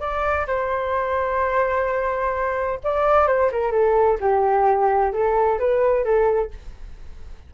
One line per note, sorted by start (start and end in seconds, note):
0.00 0.47 D5
0.47 2.79 C5
2.84 3.27 D5
3.27 3.51 C5
3.52 3.72 A#4
3.72 4.18 A4
4.21 5.13 G4
5.13 5.59 A4
5.59 6.04 B4
6.04 6.51 A4